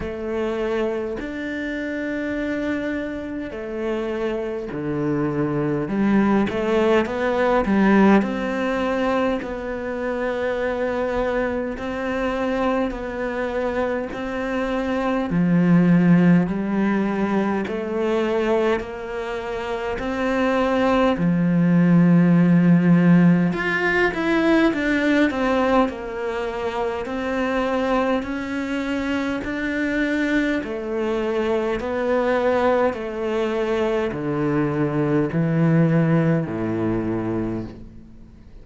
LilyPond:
\new Staff \with { instrumentName = "cello" } { \time 4/4 \tempo 4 = 51 a4 d'2 a4 | d4 g8 a8 b8 g8 c'4 | b2 c'4 b4 | c'4 f4 g4 a4 |
ais4 c'4 f2 | f'8 e'8 d'8 c'8 ais4 c'4 | cis'4 d'4 a4 b4 | a4 d4 e4 a,4 | }